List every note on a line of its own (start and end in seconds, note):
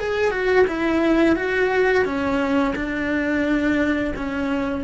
0.00 0.31 G#4
0.31 0.65 F#4
0.67 1.36 E4
1.36 2.05 F#4
2.05 2.74 C#4
2.75 4.13 D4
4.16 4.84 C#4